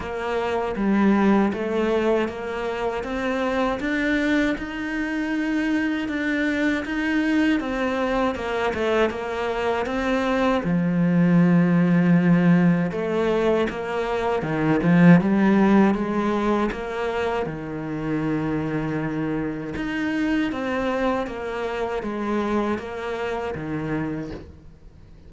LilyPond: \new Staff \with { instrumentName = "cello" } { \time 4/4 \tempo 4 = 79 ais4 g4 a4 ais4 | c'4 d'4 dis'2 | d'4 dis'4 c'4 ais8 a8 | ais4 c'4 f2~ |
f4 a4 ais4 dis8 f8 | g4 gis4 ais4 dis4~ | dis2 dis'4 c'4 | ais4 gis4 ais4 dis4 | }